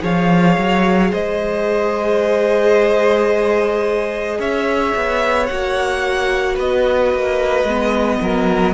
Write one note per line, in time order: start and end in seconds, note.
0.00 0.57 F3
0.00 5.45 G#4
0.00 1.10 C#5
0.00 1.13 F5
0.57 1.12 F#3
1.10 4.39 G#3
1.10 4.38 C5
1.10 4.40 D#5
4.39 4.93 C#4
4.39 6.54 C#5
4.39 5.46 E5
4.95 5.50 B3
5.46 6.59 A#3
5.46 7.67 F#4
5.46 6.55 F#5
6.54 7.14 B3
6.54 8.18 B4
6.54 8.74 D#5
7.14 7.64 A#3
7.64 8.18 G#3
7.64 8.74 B3
8.22 8.74 F#3
8.22 8.74 A#4